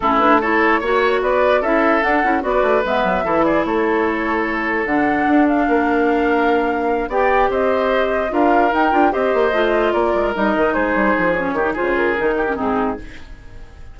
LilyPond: <<
  \new Staff \with { instrumentName = "flute" } { \time 4/4 \tempo 4 = 148 a'8 b'8 cis''2 d''4 | e''4 fis''4 d''4 e''4~ | e''8 d''8 cis''2. | fis''4. f''2~ f''8~ |
f''4. g''4 dis''4.~ | dis''8 f''4 g''4 dis''4.~ | dis''8 d''4 dis''4 c''4. | cis''4 c''8 ais'4. gis'4 | }
  \new Staff \with { instrumentName = "oboe" } { \time 4/4 e'4 a'4 cis''4 b'4 | a'2 b'2 | a'8 gis'8 a'2.~ | a'2 ais'2~ |
ais'4. d''4 c''4.~ | c''8 ais'2 c''4.~ | c''8 ais'2 gis'4.~ | gis'8 g'8 gis'4. g'8 dis'4 | }
  \new Staff \with { instrumentName = "clarinet" } { \time 4/4 cis'8 d'8 e'4 fis'2 | e'4 d'8 e'8 fis'4 b4 | e'1 | d'1~ |
d'4. g'2~ g'8~ | g'8 f'4 dis'8 f'8 g'4 f'8~ | f'4. dis'2~ dis'8 | cis'8 dis'8 f'4 dis'8. cis'16 c'4 | }
  \new Staff \with { instrumentName = "bassoon" } { \time 4/4 a2 ais4 b4 | cis'4 d'8 cis'8 b8 a8 gis8 fis8 | e4 a2. | d4 d'4 ais2~ |
ais4. b4 c'4.~ | c'8 d'4 dis'8 d'8 c'8 ais8 a8~ | a8 ais8 gis8 g8 dis8 gis8 g8 f8~ | f8 dis8 cis4 dis4 gis,4 | }
>>